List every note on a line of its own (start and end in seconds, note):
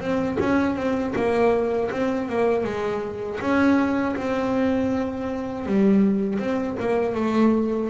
0.00 0.38 C4
0.40 0.76 C#4
0.76 1.14 C4
1.15 1.90 A#3
1.91 2.29 C4
2.29 2.64 A#3
2.64 3.39 G#3
3.40 4.15 C#4
4.16 5.66 C4
5.66 6.39 G3
6.39 6.76 C4
6.79 7.15 A#3
7.15 7.90 A3